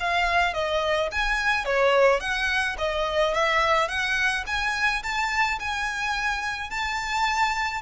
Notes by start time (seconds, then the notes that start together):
0.00 F5
0.54 D#5
1.12 G#5
1.65 C#5
2.20 F#5
2.79 D#5
3.34 E5
3.88 F#5
4.47 G#5
5.03 A5
5.60 G#5
6.70 A5